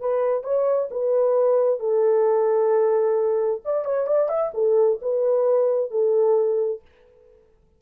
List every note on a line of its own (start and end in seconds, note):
0.00 0.43 B4
0.43 0.89 C#5
0.91 1.79 B4
1.79 3.61 A4
3.65 3.85 D5
3.85 4.07 C#5
4.07 4.29 D5
4.29 4.51 E5
4.54 4.99 A4
5.01 5.90 B4
5.90 6.81 A4